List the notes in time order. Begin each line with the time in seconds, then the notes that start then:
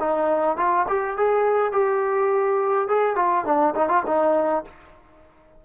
0.00 D#4
0.57 F4
0.88 G4
1.17 G#4
1.72 G4
2.88 G#4
3.16 F4
3.45 D4
3.75 D#4
3.89 F4
4.06 D#4